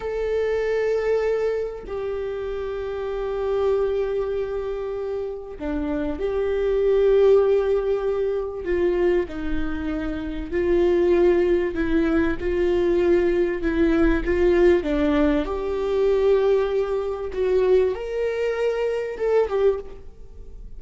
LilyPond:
\new Staff \with { instrumentName = "viola" } { \time 4/4 \tempo 4 = 97 a'2. g'4~ | g'1~ | g'4 d'4 g'2~ | g'2 f'4 dis'4~ |
dis'4 f'2 e'4 | f'2 e'4 f'4 | d'4 g'2. | fis'4 ais'2 a'8 g'8 | }